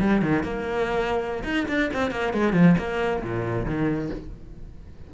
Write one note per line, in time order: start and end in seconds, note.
0.00 0.22 G3
0.22 0.44 D#3
0.44 1.44 A#3
1.44 1.66 D#4
1.68 1.91 D4
1.94 2.11 C4
2.11 2.34 A#3
2.34 2.53 G#3
2.53 2.76 F3
2.78 3.23 A#3
3.23 3.66 A#2
3.66 4.10 D#3